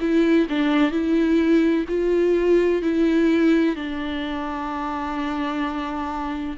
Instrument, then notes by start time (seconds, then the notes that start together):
viola
0.00 E4
0.49 D4
0.91 E4
1.88 F4
2.82 E4
3.76 D4